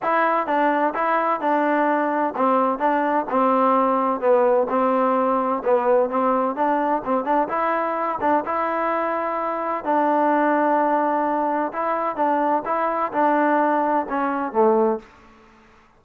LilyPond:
\new Staff \with { instrumentName = "trombone" } { \time 4/4 \tempo 4 = 128 e'4 d'4 e'4 d'4~ | d'4 c'4 d'4 c'4~ | c'4 b4 c'2 | b4 c'4 d'4 c'8 d'8 |
e'4. d'8 e'2~ | e'4 d'2.~ | d'4 e'4 d'4 e'4 | d'2 cis'4 a4 | }